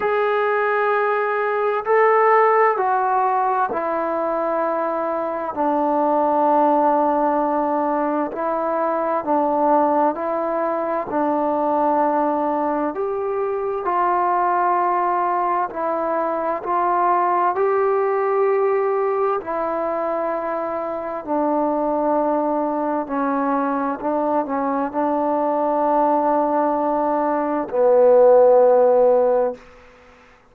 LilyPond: \new Staff \with { instrumentName = "trombone" } { \time 4/4 \tempo 4 = 65 gis'2 a'4 fis'4 | e'2 d'2~ | d'4 e'4 d'4 e'4 | d'2 g'4 f'4~ |
f'4 e'4 f'4 g'4~ | g'4 e'2 d'4~ | d'4 cis'4 d'8 cis'8 d'4~ | d'2 b2 | }